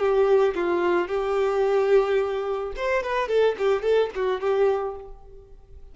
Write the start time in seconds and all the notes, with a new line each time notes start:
0.00 G4
0.56 F4
1.08 G4
2.77 C5
3.04 B4
3.29 A4
3.59 G4
3.83 A4
4.16 F#4
4.41 G4